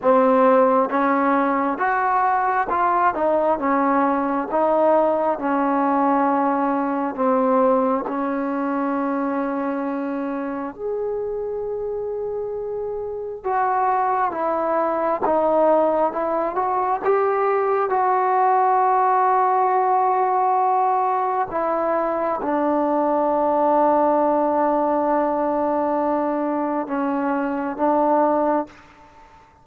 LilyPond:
\new Staff \with { instrumentName = "trombone" } { \time 4/4 \tempo 4 = 67 c'4 cis'4 fis'4 f'8 dis'8 | cis'4 dis'4 cis'2 | c'4 cis'2. | gis'2. fis'4 |
e'4 dis'4 e'8 fis'8 g'4 | fis'1 | e'4 d'2.~ | d'2 cis'4 d'4 | }